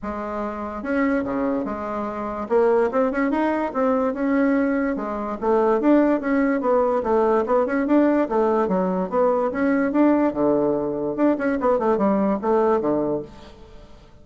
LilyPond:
\new Staff \with { instrumentName = "bassoon" } { \time 4/4 \tempo 4 = 145 gis2 cis'4 cis4 | gis2 ais4 c'8 cis'8 | dis'4 c'4 cis'2 | gis4 a4 d'4 cis'4 |
b4 a4 b8 cis'8 d'4 | a4 fis4 b4 cis'4 | d'4 d2 d'8 cis'8 | b8 a8 g4 a4 d4 | }